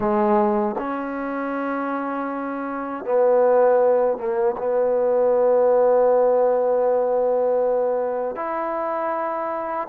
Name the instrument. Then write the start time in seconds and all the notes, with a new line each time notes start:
trombone
0.00 G#3
0.78 C#4
3.04 B3
4.17 A#3
4.57 B3
8.35 E4